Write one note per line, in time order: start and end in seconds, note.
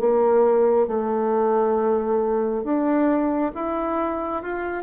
0.00 0.88 A#3
0.88 2.64 A3
2.64 3.53 D4
3.55 4.43 E4
4.43 4.84 F4